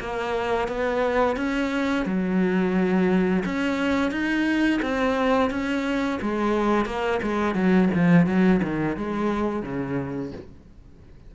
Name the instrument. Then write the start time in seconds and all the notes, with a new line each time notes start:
cello
0.00 A#3
0.68 B3
1.36 C#4
2.06 F#3
3.45 C#4
4.11 D#4
4.82 C4
5.50 C#4
6.21 G#3
6.86 A#3
7.23 G#3
7.55 F#3
7.94 F3
8.26 F#3
8.63 D#3
8.97 G#3
9.63 C#3